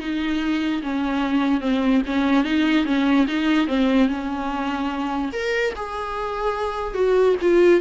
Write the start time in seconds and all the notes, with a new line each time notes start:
0.00 D#4
0.83 C#4
1.61 C4
2.07 C#4
2.45 D#4
2.86 C#4
3.28 D#4
3.68 C4
4.08 C#4
5.33 A#4
5.76 G#4
6.95 F#4
7.42 F4